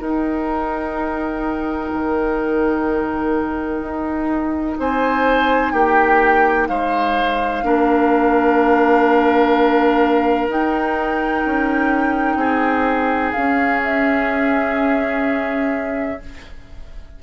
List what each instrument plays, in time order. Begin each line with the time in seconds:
0.00 bassoon D#4, clarinet D#4, oboe A#4, flute G5
1.93 bassoon D#3
3.81 bassoon D#4
4.79 bassoon C4, oboe C5, flute G#5
5.72 bassoon A#3, oboe G4, flute G5
6.68 bassoon G#3, oboe C5, flute F5
7.63 bassoon A#3, clarinet D4, oboe A#4
10.48 bassoon D#4, clarinet D#4, flute G5
11.45 bassoon C#4
12.36 bassoon C4, oboe G#4
13.33 clarinet C#4, bassoon C#4, flute F5
13.84 flute E5